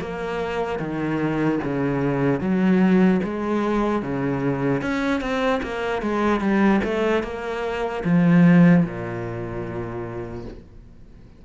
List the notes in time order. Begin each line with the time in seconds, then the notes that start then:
0.00 A#3
0.79 D#3
1.63 C#3
2.40 F#3
3.23 G#3
4.02 C#3
4.81 C#4
5.20 C4
5.63 A#3
6.02 G#3
6.40 G3
6.84 A3
7.23 A#3
8.04 F3
8.84 A#2